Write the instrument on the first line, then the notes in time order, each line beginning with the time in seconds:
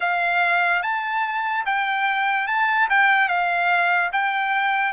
trumpet
0.00 F5
0.82 A5
1.65 G5
2.47 A5
2.89 G5
3.28 F5
4.12 G5